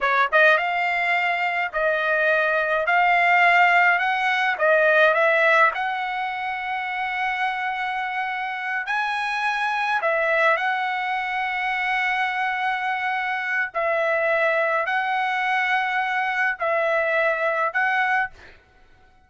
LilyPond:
\new Staff \with { instrumentName = "trumpet" } { \time 4/4 \tempo 4 = 105 cis''8 dis''8 f''2 dis''4~ | dis''4 f''2 fis''4 | dis''4 e''4 fis''2~ | fis''2.~ fis''8 gis''8~ |
gis''4. e''4 fis''4.~ | fis''1 | e''2 fis''2~ | fis''4 e''2 fis''4 | }